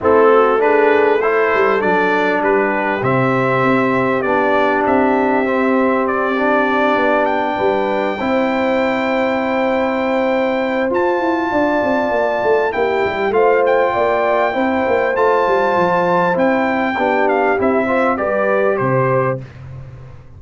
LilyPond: <<
  \new Staff \with { instrumentName = "trumpet" } { \time 4/4 \tempo 4 = 99 a'4 b'4 c''4 d''4 | b'4 e''2 d''4 | e''2 d''2 | g''1~ |
g''2 a''2~ | a''4 g''4 f''8 g''4.~ | g''4 a''2 g''4~ | g''8 f''8 e''4 d''4 c''4 | }
  \new Staff \with { instrumentName = "horn" } { \time 4/4 e'8 fis'8 gis'4 a'2 | g'1~ | g'1~ | g'8 b'4 c''2~ c''8~ |
c''2. d''4~ | d''4 g'4 c''4 d''4 | c''1 | g'4. c''8 b'4 c''4 | }
  \new Staff \with { instrumentName = "trombone" } { \time 4/4 c'4 d'4 e'4 d'4~ | d'4 c'2 d'4~ | d'4 c'4. d'4.~ | d'4. e'2~ e'8~ |
e'2 f'2~ | f'4 e'4 f'2 | e'4 f'2 e'4 | d'4 e'8 f'8 g'2 | }
  \new Staff \with { instrumentName = "tuba" } { \time 4/4 a2~ a8 g8 fis4 | g4 c4 c'4 b4 | c'2.~ c'8 b8~ | b8 g4 c'2~ c'8~ |
c'2 f'8 e'8 d'8 c'8 | ais8 a8 ais8 g8 a4 ais4 | c'8 ais8 a8 g8 f4 c'4 | b4 c'4 g4 c4 | }
>>